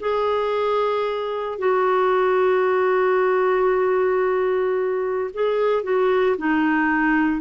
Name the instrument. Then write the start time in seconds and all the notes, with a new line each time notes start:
clarinet
0.00 G#4
1.59 F#4
5.34 G#4
5.83 F#4
6.37 D#4